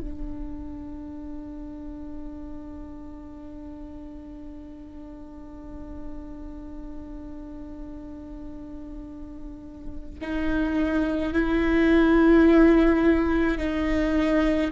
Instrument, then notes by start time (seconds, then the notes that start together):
viola
0.00 D4
10.21 D#4
11.33 E4
13.58 D#4